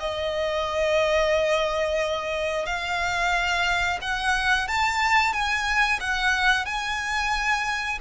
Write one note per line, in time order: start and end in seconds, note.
0.00 2.66 D#5
2.66 3.99 F5
4.02 4.68 F#5
4.68 5.33 A5
5.33 6.00 G#5
6.01 6.65 F#5
6.65 7.99 G#5